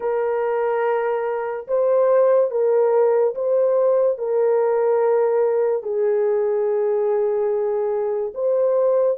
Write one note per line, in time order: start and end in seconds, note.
0.00 1.67 A#4
1.67 2.50 C5
2.50 3.34 A#4
3.34 4.17 C5
4.17 5.82 A#4
5.82 8.32 G#4
8.34 9.17 C5